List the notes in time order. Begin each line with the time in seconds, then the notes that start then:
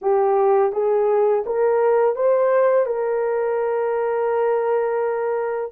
0.01 G4
0.72 G#4
1.45 A#4
2.15 C5
2.85 A#4